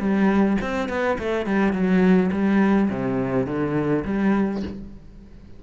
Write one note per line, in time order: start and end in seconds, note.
0.00 0.58 G3
0.61 0.89 C4
0.89 1.18 B3
1.19 1.46 A3
1.46 1.73 G3
1.73 2.31 F#3
2.32 2.90 G3
2.90 3.47 C3
3.47 4.04 D3
4.05 4.63 G3